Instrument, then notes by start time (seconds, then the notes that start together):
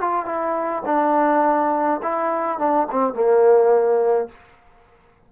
trombone
0.00 F4
0.25 E4
0.85 D4
2.02 E4
2.58 D4
2.91 C4
3.13 A#3